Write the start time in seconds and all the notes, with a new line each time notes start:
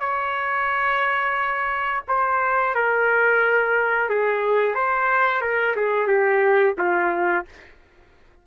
0.00 C#5
2.08 C5
2.75 A#4
4.09 G#4
4.75 C5
5.41 A#4
5.76 G#4
6.07 G4
6.78 F4